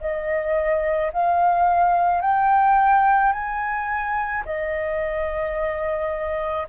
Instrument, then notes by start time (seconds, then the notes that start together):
flute
0.00 D#5
1.12 F5
2.21 G5
3.32 G#5
4.44 D#5